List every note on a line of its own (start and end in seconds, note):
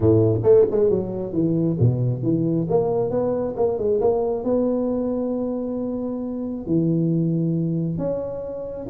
0.00 0.41 A2
0.43 0.65 A3
0.70 0.90 G#3
0.90 1.32 F#3
1.32 1.77 E3
1.79 2.23 B2
2.23 2.67 E3
2.69 3.10 A#3
3.10 3.55 B3
3.56 3.78 A#3
3.78 4.00 G#3
4.00 4.44 A#3
4.44 6.66 B3
6.66 7.98 E3
7.98 8.86 C#4